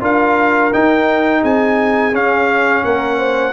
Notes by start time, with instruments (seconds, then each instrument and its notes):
0.00 tuba D4, trombone F4, horn A#4, trumpet F5
0.73 trombone D#4, tuba D#4, trumpet G5
1.42 tuba C4, horn G#4, trumpet G#5
2.12 trombone C#4, tuba C#4, trumpet F5
2.84 tuba A#3, horn A#4, trumpet F#5
3.18 horn C5